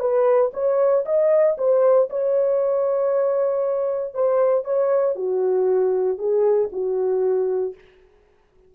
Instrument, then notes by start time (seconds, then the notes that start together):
horn
0.00 B4
0.54 C#5
1.06 D#5
1.58 C5
2.10 C#5
4.14 C5
4.65 C#5
5.16 F#4
6.18 G#4
6.72 F#4